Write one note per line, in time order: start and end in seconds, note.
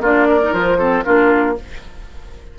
0.00 0.51 A#3
0.00 0.41 D4
0.00 0.27 F4
0.00 0.54 D5
0.29 0.78 A#4
0.42 0.53 D#4
0.53 1.04 F3
0.53 0.78 F4
0.53 1.03 C5
0.78 1.04 C4
0.78 1.04 A4
1.03 1.59 A#3
1.03 1.55 D4
1.03 1.56 F4
1.03 1.54 A#4